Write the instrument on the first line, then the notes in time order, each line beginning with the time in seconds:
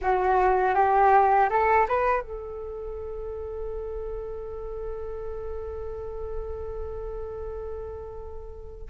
flute
0.01 F#4
0.74 G4
1.49 A4
1.88 B4
2.21 A4